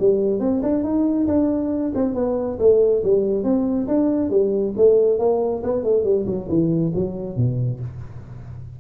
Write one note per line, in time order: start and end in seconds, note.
0.00 0.40 G3
0.40 0.62 C4
0.63 0.84 D4
0.84 1.27 D#4
1.27 1.93 D4
1.95 2.15 C4
2.15 2.58 B3
2.60 3.03 A3
3.04 3.44 G3
3.44 3.88 C4
3.88 4.30 D4
4.30 4.74 G3
4.77 5.19 A3
5.19 5.63 A#3
5.64 5.84 B3
5.84 6.04 A3
6.04 6.26 G3
6.26 6.48 F#3
6.49 6.93 E3
6.95 7.37 F#3
7.37 7.80 B2